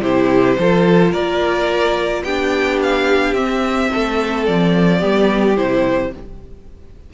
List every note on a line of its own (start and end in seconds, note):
0.00 0.56 C3
0.00 0.57 E4
0.00 0.58 G4
0.00 1.12 C5
0.58 1.13 F3
0.58 2.26 F4
0.58 1.11 A4
1.11 2.23 A#3
1.11 2.22 A#4
1.11 2.23 D5
2.23 3.33 B3
2.23 3.36 D4
2.23 3.90 G4
2.23 2.78 G5
2.82 3.33 F5
3.33 3.88 C4
3.33 5.00 C4
3.33 4.45 E5
3.92 4.48 A3
3.92 4.98 A4
4.45 5.03 F3
4.45 5.56 D5
4.98 5.58 G3
4.98 5.55 B3
4.98 6.09 G4
5.56 6.13 C3
5.56 6.11 E4
5.56 6.12 C5